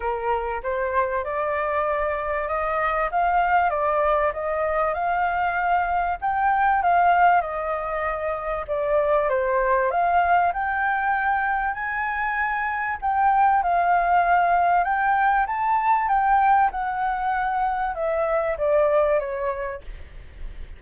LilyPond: \new Staff \with { instrumentName = "flute" } { \time 4/4 \tempo 4 = 97 ais'4 c''4 d''2 | dis''4 f''4 d''4 dis''4 | f''2 g''4 f''4 | dis''2 d''4 c''4 |
f''4 g''2 gis''4~ | gis''4 g''4 f''2 | g''4 a''4 g''4 fis''4~ | fis''4 e''4 d''4 cis''4 | }